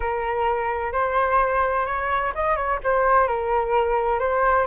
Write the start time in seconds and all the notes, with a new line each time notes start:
0.00 A#4
0.92 C5
1.86 C#5
2.35 D#5
2.55 C#5
2.83 C5
3.27 A#4
4.19 C5